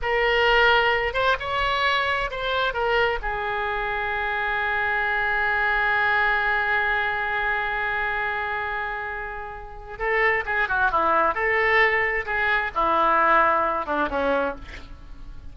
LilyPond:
\new Staff \with { instrumentName = "oboe" } { \time 4/4 \tempo 4 = 132 ais'2~ ais'8 c''8 cis''4~ | cis''4 c''4 ais'4 gis'4~ | gis'1~ | gis'1~ |
gis'1~ | gis'2 a'4 gis'8 fis'8 | e'4 a'2 gis'4 | e'2~ e'8 d'8 cis'4 | }